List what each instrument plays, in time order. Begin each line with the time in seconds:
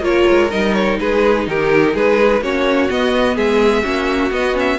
0.00 cello A#3, viola F4, violin C#5
0.07 violin A#4
0.29 cello G#3
0.50 cello G3, viola D#4, violin D#5
0.74 violin C#5
0.99 cello G#3, violin G#4 B4
1.47 cello D#3, violin G4 A#4
1.94 cello G#3, violin G#4 B4
2.42 cello A#3, viola C#4, violin F#4 C#5
2.89 viola B3, cello B3, violin D#5
3.36 cello G#3, violin G#4 E5
3.83 cello A#3, viola C#4, violin F#4
4.31 viola B3, cello B3, violin D#5
4.54 viola C#4, violin E5